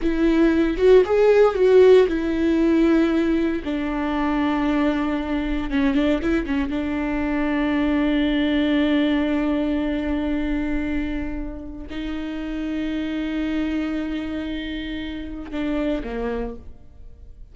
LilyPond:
\new Staff \with { instrumentName = "viola" } { \time 4/4 \tempo 4 = 116 e'4. fis'8 gis'4 fis'4 | e'2. d'4~ | d'2. cis'8 d'8 | e'8 cis'8 d'2.~ |
d'1~ | d'2. dis'4~ | dis'1~ | dis'2 d'4 ais4 | }